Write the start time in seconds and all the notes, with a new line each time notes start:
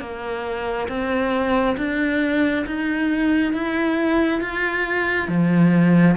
0.00 A#3
0.89 C4
1.78 D4
2.67 D#4
3.53 E4
4.41 F4
5.28 F3